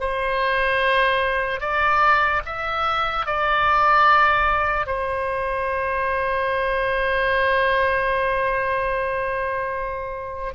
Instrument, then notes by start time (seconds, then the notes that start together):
oboe
0.00 C5
1.60 D5
2.45 E5
3.26 D5
4.86 C5